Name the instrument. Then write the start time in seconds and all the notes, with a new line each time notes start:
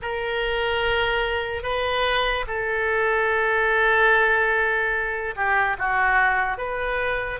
oboe
0.02 A#4
1.63 B4
2.47 A4
5.35 G4
5.78 F#4
6.58 B4